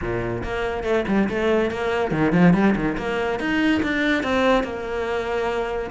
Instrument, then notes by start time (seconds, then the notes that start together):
cello
0.01 A#2
0.43 A#3
0.83 A3
1.07 G3
1.29 A3
1.71 A#3
2.11 D#3
2.32 F3
2.53 G3
2.75 D#3
2.97 A#3
3.39 D#4
3.82 D4
4.23 C4
4.63 A#3